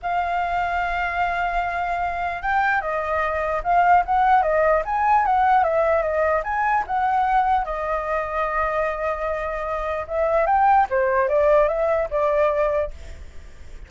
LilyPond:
\new Staff \with { instrumentName = "flute" } { \time 4/4 \tempo 4 = 149 f''1~ | f''2 g''4 dis''4~ | dis''4 f''4 fis''4 dis''4 | gis''4 fis''4 e''4 dis''4 |
gis''4 fis''2 dis''4~ | dis''1~ | dis''4 e''4 g''4 c''4 | d''4 e''4 d''2 | }